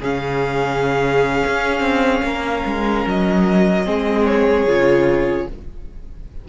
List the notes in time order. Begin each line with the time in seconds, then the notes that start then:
0.00 C#3 C#4 G#4 F5
1.46 C#4
1.80 C4
2.23 A#3 A#4
2.65 G#3
3.06 F#3 D#5
3.84 G#3 C4 G#4
4.26 C#5
4.66 C#3 F4